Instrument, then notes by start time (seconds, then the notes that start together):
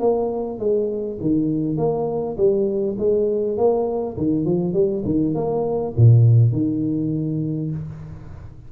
tuba
0.00 A#3
0.59 G#3
1.21 D#3
1.77 A#3
2.37 G3
2.98 G#3
3.58 A#3
4.17 D#3
4.45 F3
4.74 G3
5.05 D#3
5.35 A#3
5.97 A#2
6.52 D#3